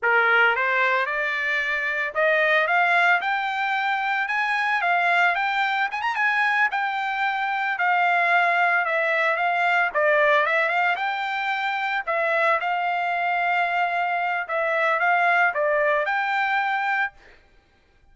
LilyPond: \new Staff \with { instrumentName = "trumpet" } { \time 4/4 \tempo 4 = 112 ais'4 c''4 d''2 | dis''4 f''4 g''2 | gis''4 f''4 g''4 gis''16 ais''16 gis''8~ | gis''8 g''2 f''4.~ |
f''8 e''4 f''4 d''4 e''8 | f''8 g''2 e''4 f''8~ | f''2. e''4 | f''4 d''4 g''2 | }